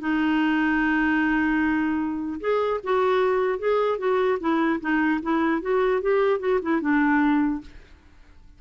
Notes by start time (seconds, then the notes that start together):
0.00 D#4
2.41 G#4
2.84 F#4
3.59 G#4
3.99 F#4
4.40 E4
4.81 D#4
5.23 E4
5.62 F#4
6.02 G4
6.40 F#4
6.62 E4
6.81 D4